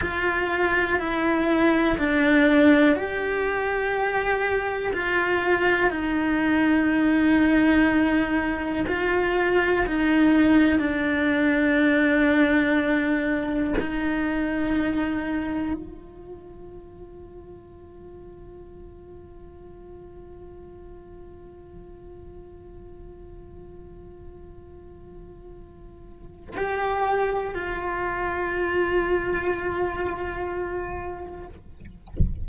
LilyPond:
\new Staff \with { instrumentName = "cello" } { \time 4/4 \tempo 4 = 61 f'4 e'4 d'4 g'4~ | g'4 f'4 dis'2~ | dis'4 f'4 dis'4 d'4~ | d'2 dis'2 |
f'1~ | f'1~ | f'2. g'4 | f'1 | }